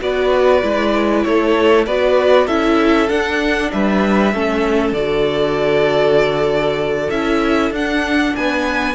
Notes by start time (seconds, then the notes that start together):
0.00 B3 F#4 B4 D5
0.62 G#3 E4
1.23 A3 A4 C#5
1.85 B3 F#4 B4 D5
2.46 C#4 E4 A4 E5
3.08 D4 F#5
3.71 G3 B4 E5
4.33 A3 C#4 A4
4.92 D3 F#4 D5
7.09 C#4 E4 E5
7.70 D4 F#5
8.35 B3 B4 G#5